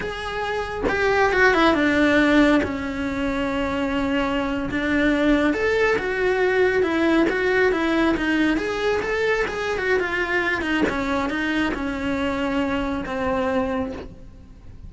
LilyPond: \new Staff \with { instrumentName = "cello" } { \time 4/4 \tempo 4 = 138 gis'2 g'4 fis'8 e'8 | d'2 cis'2~ | cis'2~ cis'8. d'4~ d'16~ | d'8. a'4 fis'2 e'16~ |
e'8. fis'4 e'4 dis'4 gis'16~ | gis'8. a'4 gis'8. fis'8 f'4~ | f'8 dis'8 cis'4 dis'4 cis'4~ | cis'2 c'2 | }